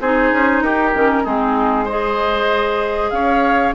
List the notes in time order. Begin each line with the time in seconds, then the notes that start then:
0.00 C4 D#4 G#4 C5
0.32 C#4
0.61 D#4 G4 A#4
0.94 D#3 C#4
1.23 G#3 C4 D#4 G#4
1.85 G#4 C5 D#5
3.10 C#4 C#5 F5